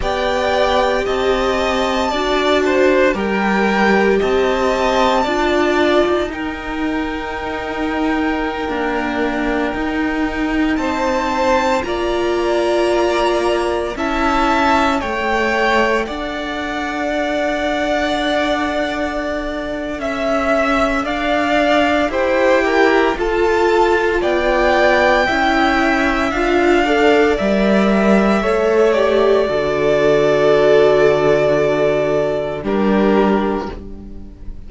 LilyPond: <<
  \new Staff \with { instrumentName = "violin" } { \time 4/4 \tempo 4 = 57 g''4 a''2 g''4 | a''2 g''2~ | g''2~ g''16 a''4 ais''8.~ | ais''4~ ais''16 a''4 g''4 fis''8.~ |
fis''2. e''4 | f''4 g''4 a''4 g''4~ | g''4 f''4 e''4. d''8~ | d''2. ais'4 | }
  \new Staff \with { instrumentName = "violin" } { \time 4/4 d''4 dis''4 d''8 c''8 ais'4 | dis''4 d''4 ais'2~ | ais'2~ ais'16 c''4 d''8.~ | d''4~ d''16 e''4 cis''4 d''8.~ |
d''2. e''4 | d''4 c''8 ais'8 a'4 d''4 | e''4. d''4. cis''4 | a'2. g'4 | }
  \new Staff \with { instrumentName = "viola" } { \time 4/4 g'2 fis'4 g'4~ | g'4 f'4 dis'2~ | dis'16 ais4 dis'2 f'8.~ | f'4~ f'16 e'4 a'4.~ a'16~ |
a'1~ | a'4 g'4 f'2 | e'4 f'8 a'8 ais'4 a'8 g'8 | fis'2. d'4 | }
  \new Staff \with { instrumentName = "cello" } { \time 4/4 b4 c'4 d'4 g4 | c'4 d'8. dis'2~ dis'16~ | dis'16 d'4 dis'4 c'4 ais8.~ | ais4~ ais16 cis'4 a4 d'8.~ |
d'2. cis'4 | d'4 e'4 f'4 b4 | cis'4 d'4 g4 a4 | d2. g4 | }
>>